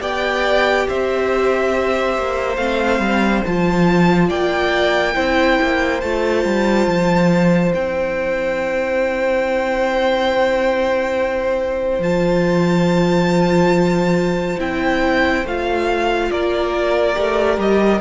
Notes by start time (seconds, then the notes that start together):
0.00 B3 G4 D5 G5
0.88 C4 C5 E5
2.17 A#3
2.56 A3 C4 F5
2.99 G3
3.46 F3 F4 A5
4.29 A#3 D5 G5
5.15 C4 E4 C5
5.61 A#3
6.01 A3 F4 A5
6.45 G3
6.87 F3
7.73 C4 E4 G5
11.99 F3 F4 A5
14.59 C4 E4 G5
15.44 A3 F4 F5
16.31 A#3 A#4 D5
17.14 A3 G4
17.58 G3 D#5